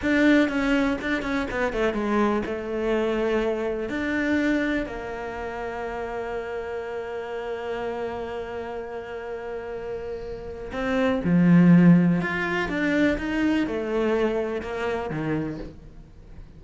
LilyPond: \new Staff \with { instrumentName = "cello" } { \time 4/4 \tempo 4 = 123 d'4 cis'4 d'8 cis'8 b8 a8 | gis4 a2. | d'2 ais2~ | ais1~ |
ais1~ | ais2 c'4 f4~ | f4 f'4 d'4 dis'4 | a2 ais4 dis4 | }